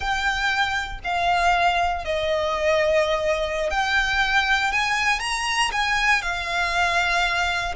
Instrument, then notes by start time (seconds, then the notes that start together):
violin
0.00 G5
1.04 F5
2.05 D#5
3.70 G5
4.71 G#5
5.19 A#5
5.72 G#5
6.21 F5